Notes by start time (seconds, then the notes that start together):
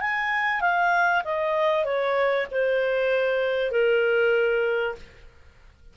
0.00 G#5
0.60 F5
1.24 D#5
1.84 C#5
2.51 C5
3.71 A#4